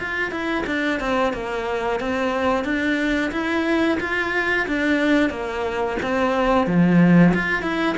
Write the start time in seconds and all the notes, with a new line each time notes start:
0.00 F4
0.32 E4
0.67 D4
1.01 C4
1.34 A#3
2.00 C4
2.65 D4
3.32 E4
4.00 F4
4.68 D4
5.30 A#3
6.03 C4
6.67 F3
7.34 F4
7.63 E4